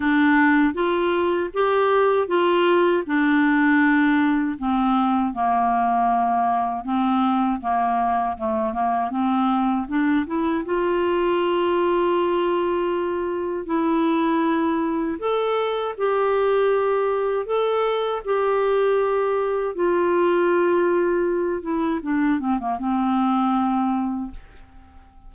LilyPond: \new Staff \with { instrumentName = "clarinet" } { \time 4/4 \tempo 4 = 79 d'4 f'4 g'4 f'4 | d'2 c'4 ais4~ | ais4 c'4 ais4 a8 ais8 | c'4 d'8 e'8 f'2~ |
f'2 e'2 | a'4 g'2 a'4 | g'2 f'2~ | f'8 e'8 d'8 c'16 ais16 c'2 | }